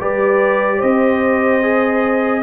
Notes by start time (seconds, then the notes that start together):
0.00 G3 G4 B4 D5
0.77 C4 C5 D#5
1.62 G#4